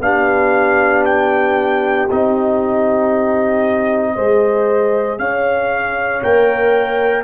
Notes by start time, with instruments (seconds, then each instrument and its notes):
0.00 tuba B3, trombone D4, horn G4, trumpet F5
1.06 trumpet G5
2.11 tuba C4, trombone D#4, trumpet D#5
4.15 tuba G#3, trombone G#4, horn C5
5.19 tuba C#4, horn C#5, trumpet F5
6.23 tuba A#3, trombone A#4, trumpet G5